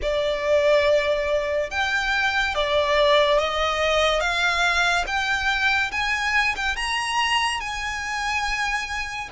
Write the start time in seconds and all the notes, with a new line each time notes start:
0.02 D5
1.70 G5
2.55 D5
3.38 D#5
4.20 F5
5.06 G5
5.92 G#5
6.56 G5
6.76 A#5
7.60 G#5